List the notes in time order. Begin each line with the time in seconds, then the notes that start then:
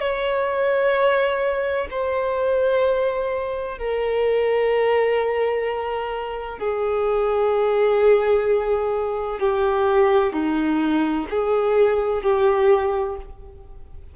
0.00 C#5
1.90 C5
3.78 A#4
6.58 G#4
9.40 G4
10.33 D#4
11.30 G#4
12.22 G4